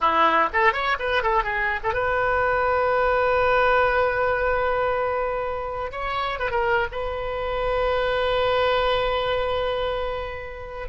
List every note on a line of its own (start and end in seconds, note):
0.00 0.49 E4
0.52 0.73 A4
0.73 0.97 C#5
0.99 1.23 B4
1.23 1.43 A4
1.43 1.80 G#4
1.83 1.93 A4
1.93 5.91 B4
5.91 6.39 C#5
6.39 6.51 B4
6.51 6.87 A#4
6.91 10.88 B4